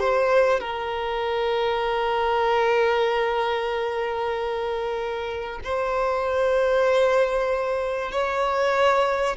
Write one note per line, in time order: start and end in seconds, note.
0.00 0.61 C5
0.61 5.61 A#4
5.64 8.12 C5
8.12 9.37 C#5